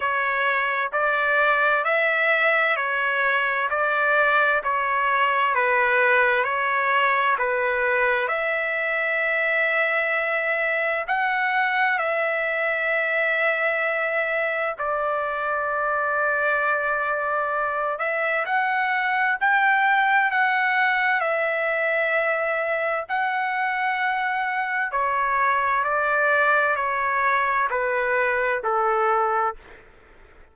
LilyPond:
\new Staff \with { instrumentName = "trumpet" } { \time 4/4 \tempo 4 = 65 cis''4 d''4 e''4 cis''4 | d''4 cis''4 b'4 cis''4 | b'4 e''2. | fis''4 e''2. |
d''2.~ d''8 e''8 | fis''4 g''4 fis''4 e''4~ | e''4 fis''2 cis''4 | d''4 cis''4 b'4 a'4 | }